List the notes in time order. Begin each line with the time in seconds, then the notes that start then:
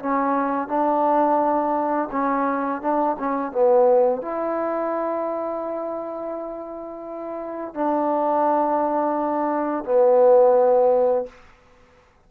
0.00 C#4
0.68 D4
2.12 C#4
2.82 D4
3.20 C#4
3.52 B3
4.23 E4
7.75 D4
9.85 B3